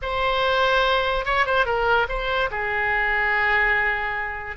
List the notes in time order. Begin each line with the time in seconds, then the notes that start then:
0.02 C5
1.25 C#5
1.46 C5
1.65 A#4
2.08 C5
2.51 G#4